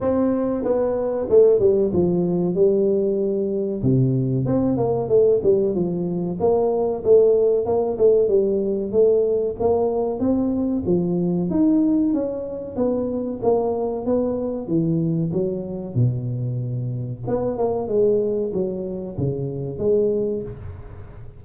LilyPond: \new Staff \with { instrumentName = "tuba" } { \time 4/4 \tempo 4 = 94 c'4 b4 a8 g8 f4 | g2 c4 c'8 ais8 | a8 g8 f4 ais4 a4 | ais8 a8 g4 a4 ais4 |
c'4 f4 dis'4 cis'4 | b4 ais4 b4 e4 | fis4 b,2 b8 ais8 | gis4 fis4 cis4 gis4 | }